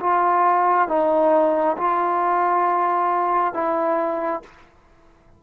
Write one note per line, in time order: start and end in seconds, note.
0.00 0.88 F4
0.88 1.76 D#4
1.77 3.54 F4
3.54 4.42 E4